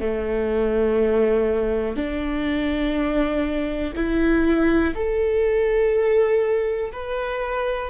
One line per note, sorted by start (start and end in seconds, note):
0.00 1.96 A3
1.96 3.93 D4
3.95 4.94 E4
4.94 6.91 A4
6.92 7.90 B4